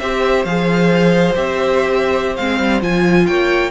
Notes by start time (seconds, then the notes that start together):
0.00 C4 G4 C5 E5
0.45 F3 G#4 F5
1.36 C4 G4 E5
2.36 G#3 C4 F5
2.60 G3
2.82 F3 F4 G#5
3.27 A#3 C#5 G5